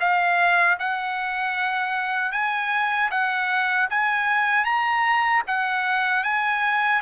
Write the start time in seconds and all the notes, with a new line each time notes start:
0.00 F5
0.79 F#5
2.32 G#5
3.11 F#5
3.90 G#5
4.65 A#5
5.47 F#5
6.23 G#5